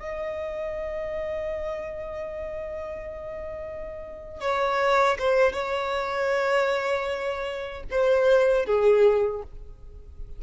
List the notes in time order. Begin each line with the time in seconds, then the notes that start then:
0.00 D#5
4.41 C#5
5.19 C5
5.52 C#5
7.91 C5
8.66 G#4